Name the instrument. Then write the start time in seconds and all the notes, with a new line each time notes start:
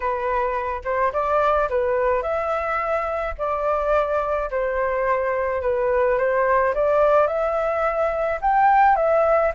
flute
0.00 B4
0.84 C5
1.12 D5
1.69 B4
2.22 E5
3.38 D5
4.50 C5
5.61 B4
6.17 C5
6.74 D5
7.27 E5
8.41 G5
8.96 E5